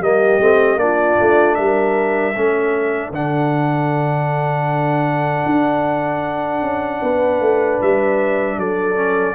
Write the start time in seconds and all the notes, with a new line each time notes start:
0.00 G3 A#3 G4 D#5
0.40 A3 C4
0.76 A#3 D4 D5
0.83 F4
1.21 A3
1.55 G3 A#4 E5
2.35 A3 C#4 A4
3.11 D3 D4 F#5
5.46 D4
6.62 C#4
7.01 B3 B4
7.41 A3
7.82 G3 E5
8.57 F#3 A4 D5
8.96 C#4